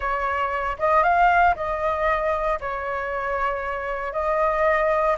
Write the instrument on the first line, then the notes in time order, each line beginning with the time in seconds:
flute
0.00 C#5
0.79 D#5
1.03 F5
1.55 D#5
2.60 C#5
4.12 D#5